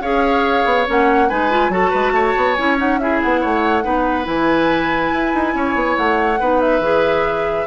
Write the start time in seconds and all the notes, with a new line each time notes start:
0.00 C#4 G#4 C#5 F5
0.65 B3
0.86 A#3 C#4 F#5
1.29 G#3 D#4 B4 G#5
1.50 F4
1.68 F#3 F#4 A4 A5
1.90 G#3 B4
2.12 A3 C#5
2.36 B3
2.55 C#4 E4 G#5
2.77 D#4 F#5
2.99 E4 G#4 E5
3.21 B3 F#5
3.41 A3 C#5
3.82 B3 D#4 B4
4.24 E3 E4 G#5
5.12 E4
5.34 D#4
5.54 C#4 C#5
5.75 B3
5.97 A3 F#5
6.39 B3 D#4 B4
6.60 E5
6.80 E3 G#4